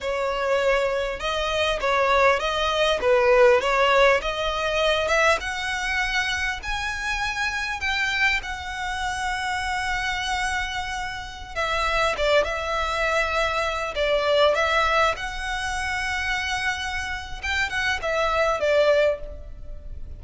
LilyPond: \new Staff \with { instrumentName = "violin" } { \time 4/4 \tempo 4 = 100 cis''2 dis''4 cis''4 | dis''4 b'4 cis''4 dis''4~ | dis''8 e''8 fis''2 gis''4~ | gis''4 g''4 fis''2~ |
fis''2.~ fis''16 e''8.~ | e''16 d''8 e''2~ e''8 d''8.~ | d''16 e''4 fis''2~ fis''8.~ | fis''4 g''8 fis''8 e''4 d''4 | }